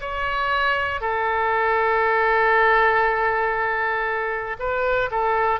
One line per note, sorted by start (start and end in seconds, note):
0.00 1.00 C#5
1.00 4.56 A4
4.59 5.09 B4
5.10 5.60 A4